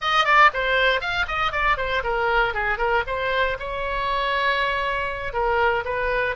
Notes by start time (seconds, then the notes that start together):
0.01 D#5
0.24 D5
0.53 C5
1.00 F5
1.27 D#5
1.52 D5
1.77 C5
2.03 A#4
2.54 G#4
2.78 A#4
3.06 C5
3.59 C#5
5.33 A#4
5.85 B4